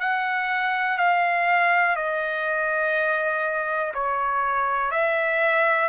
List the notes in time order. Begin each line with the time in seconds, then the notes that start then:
0.00 F#5
0.98 F5
1.96 D#5
3.94 C#5
4.91 E5